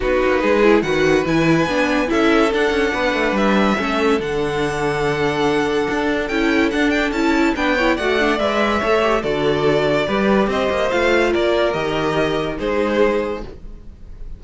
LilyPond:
<<
  \new Staff \with { instrumentName = "violin" } { \time 4/4 \tempo 4 = 143 b'2 fis''4 gis''4~ | gis''4 e''4 fis''2 | e''2 fis''2~ | fis''2. g''4 |
fis''8 g''8 a''4 g''4 fis''4 | e''2 d''2~ | d''4 dis''4 f''4 d''4 | dis''2 c''2 | }
  \new Staff \with { instrumentName = "violin" } { \time 4/4 fis'4 gis'4 b'2~ | b'4 a'2 b'4~ | b'4 a'2.~ | a'1~ |
a'2 b'8 cis''8 d''4~ | d''4 cis''4 a'2 | b'4 c''2 ais'4~ | ais'2 gis'2 | }
  \new Staff \with { instrumentName = "viola" } { \time 4/4 dis'4. e'8 fis'4 e'4 | d'4 e'4 d'2~ | d'4 cis'4 d'2~ | d'2. e'4 |
d'4 e'4 d'8 e'8 fis'8 d'8 | b'4 a'8 g'8 fis'2 | g'2 f'2 | g'2 dis'2 | }
  \new Staff \with { instrumentName = "cello" } { \time 4/4 b8 ais8 gis4 dis4 e4 | b4 cis'4 d'8 cis'8 b8 a8 | g4 a4 d2~ | d2 d'4 cis'4 |
d'4 cis'4 b4 a4 | gis4 a4 d2 | g4 c'8 ais8 a4 ais4 | dis2 gis2 | }
>>